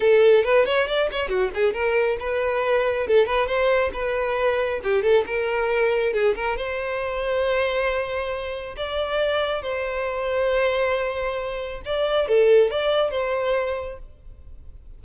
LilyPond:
\new Staff \with { instrumentName = "violin" } { \time 4/4 \tempo 4 = 137 a'4 b'8 cis''8 d''8 cis''8 fis'8 gis'8 | ais'4 b'2 a'8 b'8 | c''4 b'2 g'8 a'8 | ais'2 gis'8 ais'8 c''4~ |
c''1 | d''2 c''2~ | c''2. d''4 | a'4 d''4 c''2 | }